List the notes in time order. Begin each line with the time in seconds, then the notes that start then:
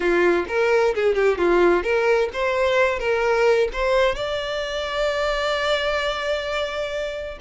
0.00 F4
0.48 A#4
0.94 G#4
1.15 G4
1.37 F4
1.83 A#4
2.33 C5
2.99 A#4
3.72 C5
4.15 D5